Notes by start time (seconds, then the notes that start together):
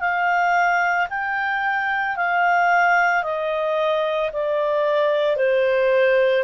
0.00 F5
1.09 G5
2.16 F5
3.23 D#5
4.32 D5
5.36 C5